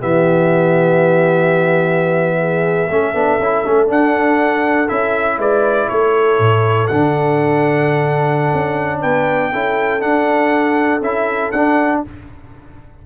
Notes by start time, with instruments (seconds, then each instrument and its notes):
0.00 tuba E3, trombone B3, horn G4, trumpet E5
2.39 horn G#4
2.90 tuba A3, trombone C#4, horn A4
3.14 tuba B3, trombone D4
3.39 tuba C#4, trombone E4
3.65 tuba A3, trombone C#4
3.87 trombone D4, tuba D4, trumpet F#5
4.88 tuba C#4, trombone E4, trumpet E5
5.38 tuba G#3, horn B4, trumpet D5
5.89 tuba A3, horn A4, trumpet C#5
6.39 tuba A2
6.87 tuba D3, trombone D4, trumpet F#5
8.53 tuba C#4
9.01 tuba B3, horn B4, trumpet G5
9.52 tuba C#4, trombone E4, horn A4
10.00 trombone D4, tuba D4, trumpet F#5
11.02 tuba C#4, trombone E4, trumpet E5
11.51 tuba D4, trombone D4, trumpet F#5